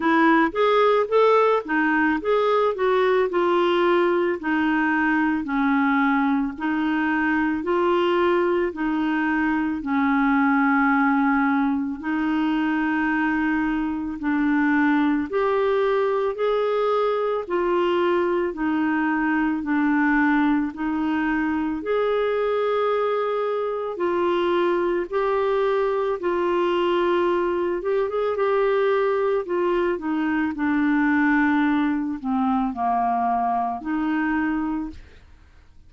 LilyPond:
\new Staff \with { instrumentName = "clarinet" } { \time 4/4 \tempo 4 = 55 e'8 gis'8 a'8 dis'8 gis'8 fis'8 f'4 | dis'4 cis'4 dis'4 f'4 | dis'4 cis'2 dis'4~ | dis'4 d'4 g'4 gis'4 |
f'4 dis'4 d'4 dis'4 | gis'2 f'4 g'4 | f'4. g'16 gis'16 g'4 f'8 dis'8 | d'4. c'8 ais4 dis'4 | }